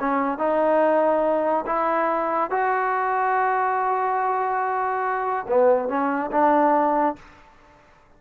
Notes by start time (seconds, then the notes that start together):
0.00 C#4
0.38 D#4
1.66 E4
2.50 F#4
5.48 B3
5.88 C#4
6.31 D4